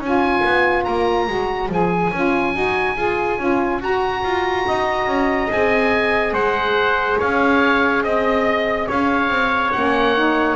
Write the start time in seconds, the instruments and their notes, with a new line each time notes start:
0.00 double bass C#4, saxophone F4, trumpet C#5, oboe G#5
0.45 double bass B3
0.84 double bass A#3, oboe A#5
1.28 double bass G#3, saxophone F#4
1.69 double bass F3, saxophone G#4, oboe G#5
2.13 double bass C#4, saxophone F4
2.54 double bass D#4, saxophone F#4
2.97 double bass F4, saxophone G#4
3.39 double bass C#4, saxophone F4
3.80 double bass F#4, saxophone F#4, oboe A#5
4.24 double bass F4
4.68 double bass D#4, trumpet D#5
5.07 double bass C#4
5.49 double bass C4, saxophone G#4, oboe G#5
6.32 double bass G#3, trumpet C5, oboe F#5
7.18 double bass C#4, trumpet C#5, oboe F5
8.04 double bass C4, trumpet D#5, oboe D#5
8.88 double bass C#4, trumpet C#5, oboe F5
9.29 double bass C4
9.72 double bass A#3, saxophone C#4, oboe F#5
10.17 saxophone D#4